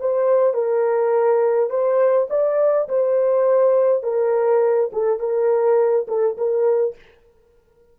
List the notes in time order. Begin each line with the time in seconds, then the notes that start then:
0.00 C5
0.54 A#4
1.70 C5
2.30 D5
2.89 C5
4.04 A#4
4.93 A4
5.20 A#4
6.08 A4
6.38 A#4